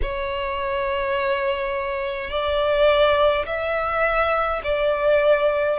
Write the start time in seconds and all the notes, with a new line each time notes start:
0.02 C#5
2.30 D5
3.46 E5
4.63 D5